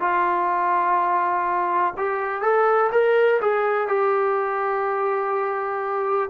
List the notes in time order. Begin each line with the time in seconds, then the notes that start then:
0.00 F4
1.97 G4
2.42 A4
2.92 A#4
3.41 G#4
3.88 G4